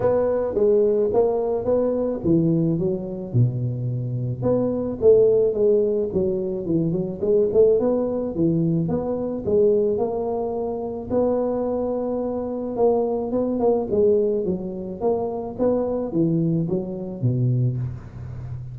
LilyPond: \new Staff \with { instrumentName = "tuba" } { \time 4/4 \tempo 4 = 108 b4 gis4 ais4 b4 | e4 fis4 b,2 | b4 a4 gis4 fis4 | e8 fis8 gis8 a8 b4 e4 |
b4 gis4 ais2 | b2. ais4 | b8 ais8 gis4 fis4 ais4 | b4 e4 fis4 b,4 | }